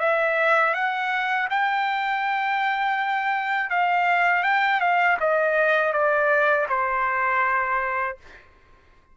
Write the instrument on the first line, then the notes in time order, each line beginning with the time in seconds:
trumpet
0.00 E5
0.74 F#5
1.50 G5
3.70 F5
4.43 G5
4.80 F5
5.20 D#5
5.93 D5
6.69 C5